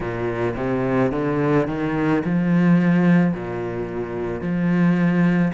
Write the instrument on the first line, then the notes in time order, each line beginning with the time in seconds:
cello
0.00 A#2
0.56 C3
1.11 D3
1.67 D#3
2.24 F3
3.33 A#2
4.41 F3